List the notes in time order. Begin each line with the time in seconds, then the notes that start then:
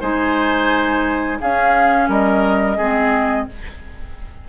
0.00 G#3 D#4 C5 G#5
1.40 C#4 G#4 F5
2.08 G3 A#4 D#5
2.77 G#3 C4 G#4